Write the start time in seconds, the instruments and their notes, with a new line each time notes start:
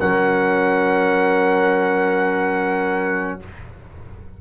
0.00 tuba F#3, trombone C#4, horn A#4, trumpet F#5